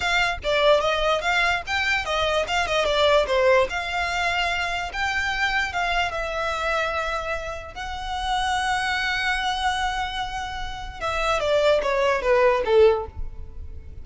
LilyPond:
\new Staff \with { instrumentName = "violin" } { \time 4/4 \tempo 4 = 147 f''4 d''4 dis''4 f''4 | g''4 dis''4 f''8 dis''8 d''4 | c''4 f''2. | g''2 f''4 e''4~ |
e''2. fis''4~ | fis''1~ | fis''2. e''4 | d''4 cis''4 b'4 a'4 | }